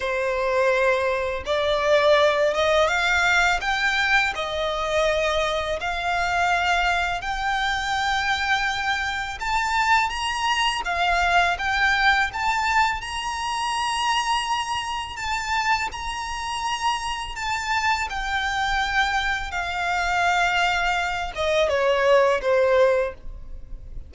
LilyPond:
\new Staff \with { instrumentName = "violin" } { \time 4/4 \tempo 4 = 83 c''2 d''4. dis''8 | f''4 g''4 dis''2 | f''2 g''2~ | g''4 a''4 ais''4 f''4 |
g''4 a''4 ais''2~ | ais''4 a''4 ais''2 | a''4 g''2 f''4~ | f''4. dis''8 cis''4 c''4 | }